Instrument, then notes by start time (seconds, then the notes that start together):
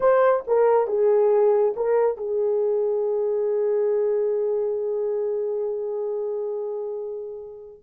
horn
0.00 C5
0.47 A#4
0.87 G#4
1.76 A#4
2.17 G#4